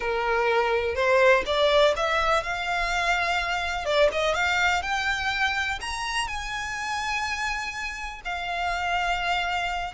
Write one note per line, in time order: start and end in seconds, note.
0.00 0.95 A#4
0.95 1.43 C5
1.45 1.94 D5
1.96 2.43 E5
2.43 3.85 F5
3.85 4.09 D5
4.12 4.34 D#5
4.34 4.82 F5
4.82 5.79 G5
5.81 6.27 A#5
6.27 8.21 G#5
8.25 9.93 F5